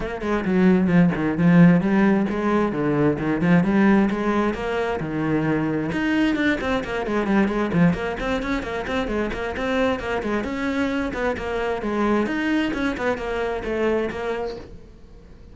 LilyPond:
\new Staff \with { instrumentName = "cello" } { \time 4/4 \tempo 4 = 132 ais8 gis8 fis4 f8 dis8 f4 | g4 gis4 d4 dis8 f8 | g4 gis4 ais4 dis4~ | dis4 dis'4 d'8 c'8 ais8 gis8 |
g8 gis8 f8 ais8 c'8 cis'8 ais8 c'8 | gis8 ais8 c'4 ais8 gis8 cis'4~ | cis'8 b8 ais4 gis4 dis'4 | cis'8 b8 ais4 a4 ais4 | }